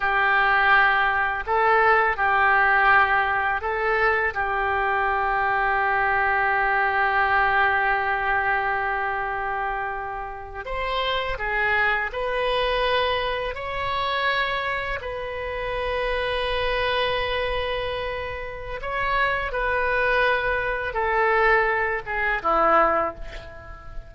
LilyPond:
\new Staff \with { instrumentName = "oboe" } { \time 4/4 \tempo 4 = 83 g'2 a'4 g'4~ | g'4 a'4 g'2~ | g'1~ | g'2~ g'8. c''4 gis'16~ |
gis'8. b'2 cis''4~ cis''16~ | cis''8. b'2.~ b'16~ | b'2 cis''4 b'4~ | b'4 a'4. gis'8 e'4 | }